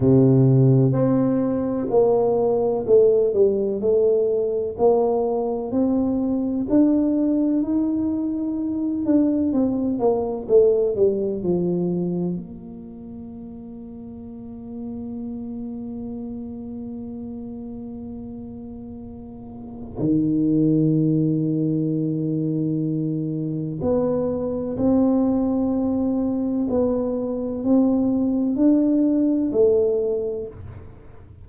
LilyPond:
\new Staff \with { instrumentName = "tuba" } { \time 4/4 \tempo 4 = 63 c4 c'4 ais4 a8 g8 | a4 ais4 c'4 d'4 | dis'4. d'8 c'8 ais8 a8 g8 | f4 ais2.~ |
ais1~ | ais4 dis2.~ | dis4 b4 c'2 | b4 c'4 d'4 a4 | }